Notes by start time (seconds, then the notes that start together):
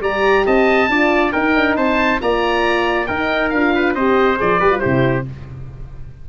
0.00 G3 G4 D5 A#5
0.46 C4 D#5 A5
0.89 D4 F4 D5
1.32 D#4 A#4 G5
1.55 D4
1.76 C4 C5 A5
2.20 A#3 F4 D5 A#5
3.06 D#4 A#4 G5
3.49 D4 F4 F5
3.74 B4
3.94 C4 G4 C5 D#5
4.36 F3 G#4 D5
4.59 G3 G4 B4
4.70 F4
4.78 E4 G4 C5
4.85 C3